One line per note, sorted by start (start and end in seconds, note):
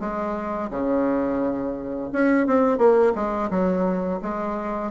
0.00 0.70 G#3
0.70 2.10 C#3
2.12 2.47 C#4
2.47 2.78 C4
2.78 3.13 A#3
3.15 3.50 G#3
3.50 4.20 F#3
4.22 4.91 G#3